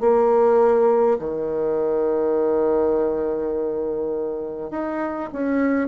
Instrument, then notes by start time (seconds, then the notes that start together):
bassoon
0.00 A#3
1.18 D#3
4.70 D#4
5.33 C#4